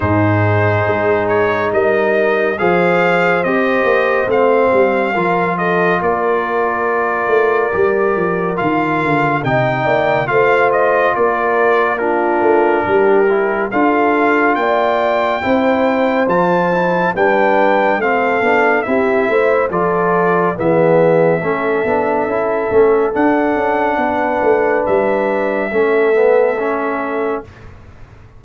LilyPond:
<<
  \new Staff \with { instrumentName = "trumpet" } { \time 4/4 \tempo 4 = 70 c''4. cis''8 dis''4 f''4 | dis''4 f''4. dis''8 d''4~ | d''2 f''4 g''4 | f''8 dis''8 d''4 ais'2 |
f''4 g''2 a''4 | g''4 f''4 e''4 d''4 | e''2. fis''4~ | fis''4 e''2. | }
  \new Staff \with { instrumentName = "horn" } { \time 4/4 gis'2 ais'4 c''4~ | c''2 ais'8 a'8 ais'4~ | ais'2. dis''8 d''8 | c''4 ais'4 f'4 g'4 |
a'4 d''4 c''2 | b'4 a'4 g'8 c''8 a'4 | gis'4 a'2. | b'2 a'2 | }
  \new Staff \with { instrumentName = "trombone" } { \time 4/4 dis'2. gis'4 | g'4 c'4 f'2~ | f'4 g'4 f'4 dis'4 | f'2 d'4. e'8 |
f'2 e'4 f'8 e'8 | d'4 c'8 d'8 e'4 f'4 | b4 cis'8 d'8 e'8 cis'8 d'4~ | d'2 cis'8 b8 cis'4 | }
  \new Staff \with { instrumentName = "tuba" } { \time 4/4 gis,4 gis4 g4 f4 | c'8 ais8 a8 g8 f4 ais4~ | ais8 a8 g8 f8 dis8 d8 c8 ais8 | a4 ais4. a8 g4 |
d'4 ais4 c'4 f4 | g4 a8 b8 c'8 a8 f4 | e4 a8 b8 cis'8 a8 d'8 cis'8 | b8 a8 g4 a2 | }
>>